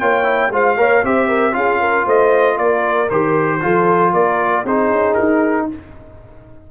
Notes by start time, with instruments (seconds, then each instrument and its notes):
0.00 tuba A#3, trombone F4, horn C#5, trumpet G5
0.24 trombone E4
0.51 tuba G#3, trombone F4, horn C5, trumpet F5
0.77 tuba A#3, trombone A#4, horn C#5
1.03 tuba C4, trombone G4, horn C5, trumpet E5
1.29 horn A#4
1.53 tuba C#4, trombone F4, horn G#4, trumpet F5
1.81 horn A#4
2.06 tuba A3, horn C5, trumpet D#5
2.58 tuba A#3, horn A#4, trumpet D5
3.10 tuba D#3, trombone G4, trumpet C5
3.62 tuba F3, trombone F4, horn A4
4.13 tuba A#3, horn A#4, trumpet D5
4.64 tuba C4, trombone D#4, horn G#4, trumpet C5
4.91 tuba C#4
5.15 tuba D#4, trumpet A#4